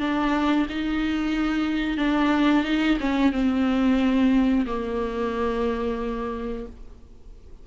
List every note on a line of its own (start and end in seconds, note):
0.00 0.67 D4
0.69 1.97 D#4
1.97 2.64 D4
2.64 2.98 D#4
3.00 3.32 C#4
3.32 4.65 C4
4.66 6.66 A#3